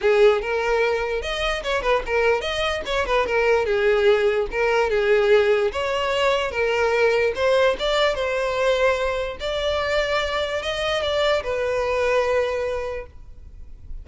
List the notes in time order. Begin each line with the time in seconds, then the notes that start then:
0.01 G#4
0.41 A#4
1.22 D#5
1.63 C#5
1.82 B4
2.06 A#4
2.41 D#5
2.85 C#5
3.06 B4
3.26 A#4
3.65 G#4
4.51 A#4
4.90 G#4
5.72 C#5
6.51 A#4
7.35 C5
7.79 D5
8.14 C5
9.40 D5
10.62 D#5
11.02 D5
11.43 B4